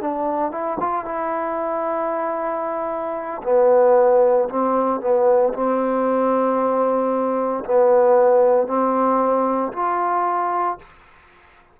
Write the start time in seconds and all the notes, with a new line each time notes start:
0.00 D4
0.51 E4
0.79 F4
1.04 E4
3.43 B3
4.48 C4
5.00 B3
5.53 C4
7.64 B3
8.67 C4
9.72 F4